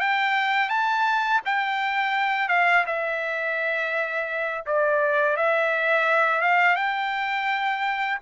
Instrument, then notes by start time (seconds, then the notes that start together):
trumpet
0.00 G5
0.69 A5
1.45 G5
2.48 F5
2.86 E5
4.66 D5
5.36 E5
6.41 F5
6.75 G5